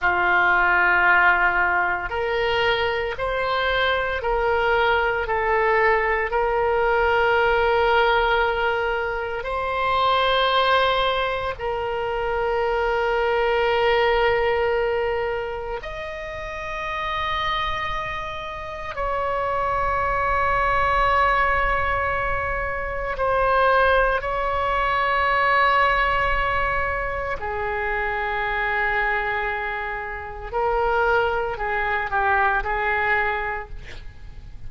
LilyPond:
\new Staff \with { instrumentName = "oboe" } { \time 4/4 \tempo 4 = 57 f'2 ais'4 c''4 | ais'4 a'4 ais'2~ | ais'4 c''2 ais'4~ | ais'2. dis''4~ |
dis''2 cis''2~ | cis''2 c''4 cis''4~ | cis''2 gis'2~ | gis'4 ais'4 gis'8 g'8 gis'4 | }